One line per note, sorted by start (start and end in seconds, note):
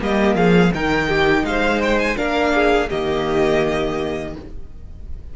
0.00 0.36 G3
0.00 0.72 A#3
0.00 0.37 G4
0.00 0.36 D#5
0.36 0.72 F3
0.36 0.74 G#4
0.36 0.72 F5
0.74 1.44 D#3
0.74 2.16 D#4
0.74 1.09 A#4
0.74 1.46 G5
1.09 1.45 G4
1.44 2.16 G#3
1.44 2.18 C5
1.44 1.82 F5
1.83 1.99 G5
1.99 2.17 G#5
2.16 2.90 A#3
2.16 2.89 D4
2.16 2.54 A#4
2.16 2.90 F5
2.55 2.90 G#4
2.90 4.36 D#3
2.90 4.35 A#3
2.90 4.34 G4
2.90 4.35 D#5